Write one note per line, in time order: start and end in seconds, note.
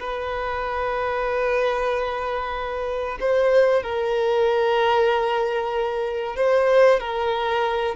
0.00 3.19 B4
3.21 3.83 C5
3.83 6.37 A#4
6.37 7.00 C5
7.00 7.96 A#4